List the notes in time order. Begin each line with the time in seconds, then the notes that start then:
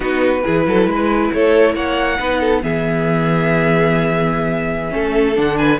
0.00 B3 D#4 F#4 B4
0.44 E3 E4 G#4
0.67 F#3 A4
0.86 G#3 B4
1.33 A3 A4 C#5
1.74 A#3 C#5 F#5
2.18 B3 D#4 B4
2.40 A4
2.61 E3 B3 G#4 E5
4.90 A3 C#4 A4
5.35 D3 D4 F#5
5.57 B4 G#5